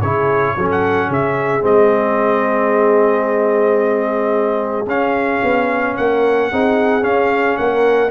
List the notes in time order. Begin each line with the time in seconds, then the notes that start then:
0.00 C#3 E4 G#4 C#5
0.56 F#3 C#4 A4
0.71 F#5
1.08 C#3 G#4 E5
1.60 G#3 C4 D#5
4.86 C#4 F5
5.42 B3
5.96 A#3 A#4 F#5
6.51 C4 D#4 G#4
7.01 C#4 F5
7.57 A#3 A#4 F#5